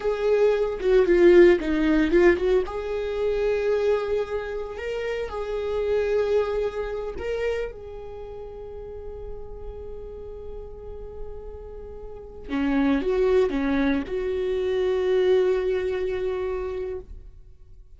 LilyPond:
\new Staff \with { instrumentName = "viola" } { \time 4/4 \tempo 4 = 113 gis'4. fis'8 f'4 dis'4 | f'8 fis'8 gis'2.~ | gis'4 ais'4 gis'2~ | gis'4. ais'4 gis'4.~ |
gis'1~ | gis'2.~ gis'8 cis'8~ | cis'8 fis'4 cis'4 fis'4.~ | fis'1 | }